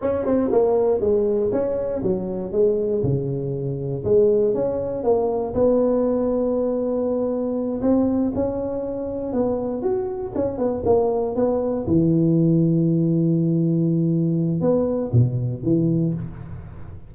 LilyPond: \new Staff \with { instrumentName = "tuba" } { \time 4/4 \tempo 4 = 119 cis'8 c'8 ais4 gis4 cis'4 | fis4 gis4 cis2 | gis4 cis'4 ais4 b4~ | b2.~ b8 c'8~ |
c'8 cis'2 b4 fis'8~ | fis'8 cis'8 b8 ais4 b4 e8~ | e1~ | e4 b4 b,4 e4 | }